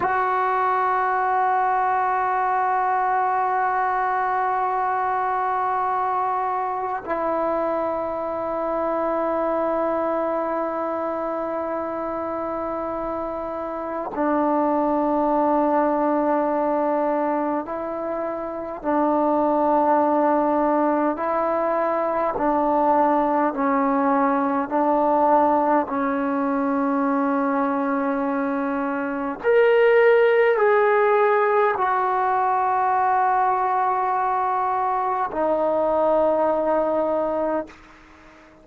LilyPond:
\new Staff \with { instrumentName = "trombone" } { \time 4/4 \tempo 4 = 51 fis'1~ | fis'2 e'2~ | e'1 | d'2. e'4 |
d'2 e'4 d'4 | cis'4 d'4 cis'2~ | cis'4 ais'4 gis'4 fis'4~ | fis'2 dis'2 | }